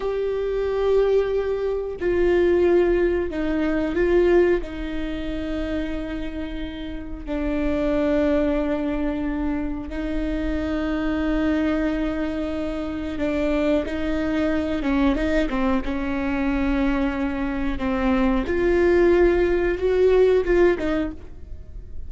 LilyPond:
\new Staff \with { instrumentName = "viola" } { \time 4/4 \tempo 4 = 91 g'2. f'4~ | f'4 dis'4 f'4 dis'4~ | dis'2. d'4~ | d'2. dis'4~ |
dis'1 | d'4 dis'4. cis'8 dis'8 c'8 | cis'2. c'4 | f'2 fis'4 f'8 dis'8 | }